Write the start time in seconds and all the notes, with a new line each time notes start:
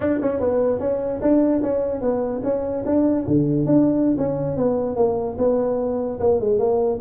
0.00 D4
0.21 C#4
0.40 B3
0.79 C#4
1.21 D4
1.62 C#4
2.01 B3
2.43 C#4
2.85 D4
3.27 D3
3.66 D4
4.17 C#4
4.56 B3
4.96 A#3
5.38 B3
6.20 A#3
6.40 G#3
6.58 A#3